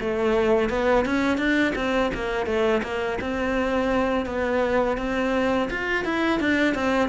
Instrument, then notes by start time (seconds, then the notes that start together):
cello
0.00 A3
0.69 B3
1.05 C#4
1.38 D4
1.75 C4
2.14 A#3
2.46 A3
2.83 A#3
3.20 C4
4.26 B3
4.97 C4
5.70 F4
6.04 E4
6.40 D4
6.74 C4